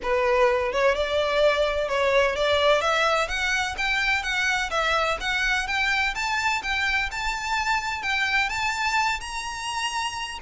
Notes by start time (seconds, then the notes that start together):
0.02 B4
0.72 C#5
0.95 D5
1.88 C#5
2.35 D5
2.81 E5
3.27 F#5
3.77 G5
4.23 F#5
4.70 E5
5.20 F#5
5.67 G5
6.14 A5
6.62 G5
7.11 A5
8.02 G5
8.49 A5
9.20 A#5